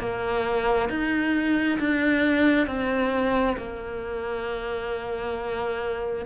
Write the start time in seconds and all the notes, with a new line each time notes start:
0.00 A#3
0.90 D#4
1.80 D4
2.67 C4
3.57 A#3